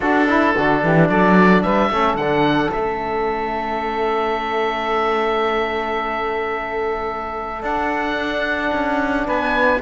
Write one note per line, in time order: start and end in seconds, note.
0.00 0.55 D4
0.00 0.28 D4
0.00 0.26 F#4
0.00 1.08 A4
0.26 0.54 E4
0.26 0.55 E4
0.54 0.83 D3
0.54 1.92 D4
0.54 0.82 F#4
0.82 1.09 E3
0.82 1.08 G4
1.08 1.64 F#3
1.08 1.63 A4
1.08 1.62 D5
1.62 1.90 G3
1.62 1.90 B4
1.62 2.16 E5
1.90 2.14 A3
1.90 2.19 C#4
1.90 9.26 A4
2.14 2.69 D3
2.14 2.72 D4
2.14 2.71 F#5
2.72 7.62 A3
2.72 7.62 C#4
2.72 7.63 E5
7.62 9.80 D4
7.62 8.71 D4
7.62 9.27 F#5
8.73 9.27 C#4
9.26 9.82 B3
9.26 9.80 B4
9.26 9.82 G#5